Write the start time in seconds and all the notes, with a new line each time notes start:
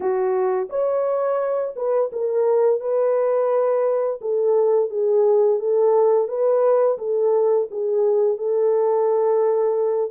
0.00 F#4
0.69 C#5
1.75 B4
2.12 A#4
2.80 B4
4.21 A4
4.90 G#4
5.59 A4
6.28 B4
6.98 A4
7.70 G#4
8.37 A4